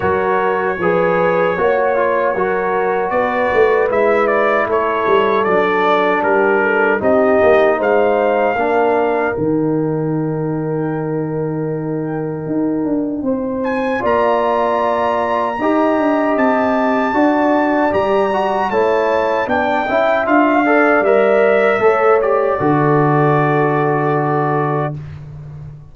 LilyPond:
<<
  \new Staff \with { instrumentName = "trumpet" } { \time 4/4 \tempo 4 = 77 cis''1 | d''4 e''8 d''8 cis''4 d''4 | ais'4 dis''4 f''2 | g''1~ |
g''4. gis''8 ais''2~ | ais''4 a''2 ais''4 | a''4 g''4 f''4 e''4~ | e''8 d''2.~ d''8 | }
  \new Staff \with { instrumentName = "horn" } { \time 4/4 ais'4 b'4 cis''4 ais'4 | b'2 a'2 | g'8 a'8 g'4 c''4 ais'4~ | ais'1~ |
ais'4 c''4 d''2 | dis''2 d''2 | cis''4 d''8 e''4 d''4. | cis''4 a'2. | }
  \new Staff \with { instrumentName = "trombone" } { \time 4/4 fis'4 gis'4 fis'8 f'8 fis'4~ | fis'4 e'2 d'4~ | d'4 dis'2 d'4 | dis'1~ |
dis'2 f'2 | g'2 fis'4 g'8 fis'8 | e'4 d'8 e'8 f'8 a'8 ais'4 | a'8 g'8 fis'2. | }
  \new Staff \with { instrumentName = "tuba" } { \time 4/4 fis4 f4 ais4 fis4 | b8 a8 gis4 a8 g8 fis4 | g4 c'8 ais8 gis4 ais4 | dis1 |
dis'8 d'8 c'4 ais2 | dis'8 d'8 c'4 d'4 g4 | a4 b8 cis'8 d'4 g4 | a4 d2. | }
>>